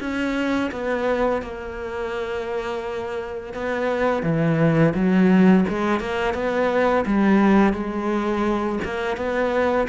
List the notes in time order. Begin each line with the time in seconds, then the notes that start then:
0.00 C#4
0.72 B3
1.42 A#3
3.54 B3
4.23 E3
4.94 F#3
5.69 G#3
6.00 A#3
6.34 B3
7.06 G3
7.73 G#3
8.84 A#3
9.17 B3